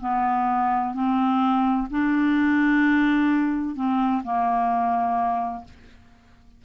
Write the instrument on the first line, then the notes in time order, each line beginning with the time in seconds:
clarinet
0.00 B3
0.94 C4
1.90 D4
3.75 C4
4.24 A#3